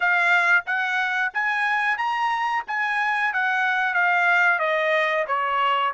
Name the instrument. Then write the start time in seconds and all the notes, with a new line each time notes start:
trumpet
0.00 F5
0.66 F#5
1.33 G#5
1.97 A#5
2.67 G#5
3.33 F#5
3.94 F5
4.59 D#5
5.27 C#5